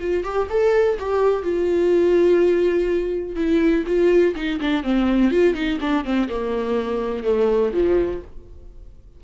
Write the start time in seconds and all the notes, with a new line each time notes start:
0.00 F4
0.24 G4
0.50 A4
0.99 G4
1.43 F4
3.36 E4
3.87 F4
4.36 D#4
4.61 D4
4.84 C4
5.31 F4
5.55 D#4
5.81 D4
6.05 C4
6.29 A#3
7.24 A3
7.73 F3